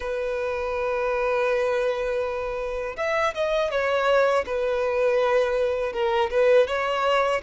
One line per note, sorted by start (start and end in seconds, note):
0.00 2.96 B4
2.96 3.33 E5
3.34 3.70 D#5
3.70 4.44 C#5
4.46 5.93 B4
5.93 6.30 A#4
6.30 6.67 B4
6.67 7.41 C#5